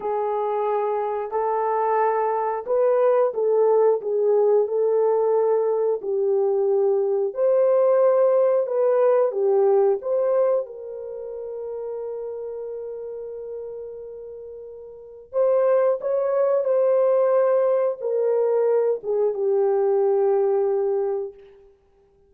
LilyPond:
\new Staff \with { instrumentName = "horn" } { \time 4/4 \tempo 4 = 90 gis'2 a'2 | b'4 a'4 gis'4 a'4~ | a'4 g'2 c''4~ | c''4 b'4 g'4 c''4 |
ais'1~ | ais'2. c''4 | cis''4 c''2 ais'4~ | ais'8 gis'8 g'2. | }